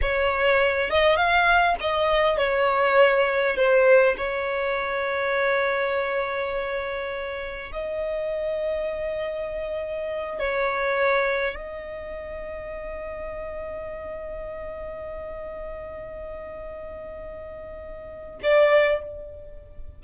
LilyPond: \new Staff \with { instrumentName = "violin" } { \time 4/4 \tempo 4 = 101 cis''4. dis''8 f''4 dis''4 | cis''2 c''4 cis''4~ | cis''1~ | cis''4 dis''2.~ |
dis''4. cis''2 dis''8~ | dis''1~ | dis''1~ | dis''2. d''4 | }